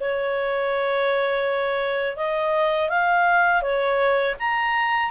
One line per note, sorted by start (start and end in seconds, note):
0.00 2.17 C#5
2.17 2.89 D#5
2.89 3.62 F5
3.62 4.35 C#5
4.39 5.11 A#5